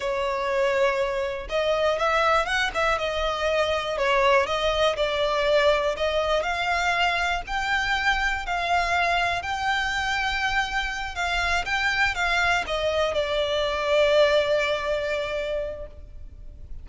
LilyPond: \new Staff \with { instrumentName = "violin" } { \time 4/4 \tempo 4 = 121 cis''2. dis''4 | e''4 fis''8 e''8 dis''2 | cis''4 dis''4 d''2 | dis''4 f''2 g''4~ |
g''4 f''2 g''4~ | g''2~ g''8 f''4 g''8~ | g''8 f''4 dis''4 d''4.~ | d''1 | }